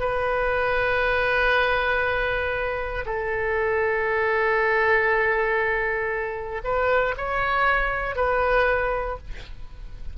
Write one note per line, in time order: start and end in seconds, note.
0.00 3.05 B4
3.06 6.62 A4
6.65 7.16 B4
7.18 8.16 C#5
8.16 9.18 B4